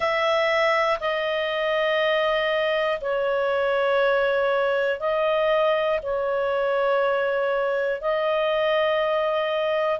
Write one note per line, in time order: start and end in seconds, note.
0.00 0.99 E5
1.00 3.00 D#5
3.00 4.99 C#5
4.99 5.99 D#5
6.02 8.00 C#5
8.00 9.99 D#5